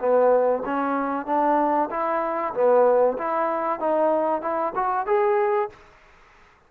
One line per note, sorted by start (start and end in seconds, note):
0.00 0.63 B3
0.65 1.26 C#4
1.26 1.89 D4
1.91 2.54 E4
2.54 3.18 B3
3.18 3.80 E4
3.80 4.42 D#4
4.42 4.73 E4
4.76 5.07 F#4
5.07 5.70 G#4